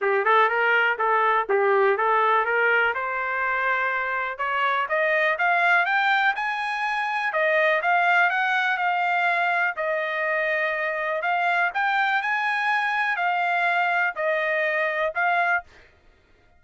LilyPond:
\new Staff \with { instrumentName = "trumpet" } { \time 4/4 \tempo 4 = 123 g'8 a'8 ais'4 a'4 g'4 | a'4 ais'4 c''2~ | c''4 cis''4 dis''4 f''4 | g''4 gis''2 dis''4 |
f''4 fis''4 f''2 | dis''2. f''4 | g''4 gis''2 f''4~ | f''4 dis''2 f''4 | }